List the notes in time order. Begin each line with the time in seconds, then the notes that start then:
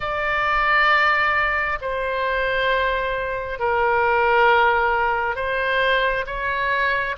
0.00 D5
1.81 C5
3.59 A#4
5.35 C5
6.26 C#5